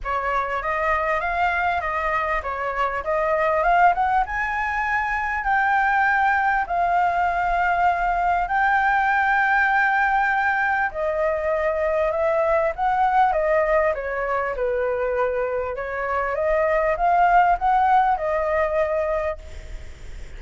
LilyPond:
\new Staff \with { instrumentName = "flute" } { \time 4/4 \tempo 4 = 99 cis''4 dis''4 f''4 dis''4 | cis''4 dis''4 f''8 fis''8 gis''4~ | gis''4 g''2 f''4~ | f''2 g''2~ |
g''2 dis''2 | e''4 fis''4 dis''4 cis''4 | b'2 cis''4 dis''4 | f''4 fis''4 dis''2 | }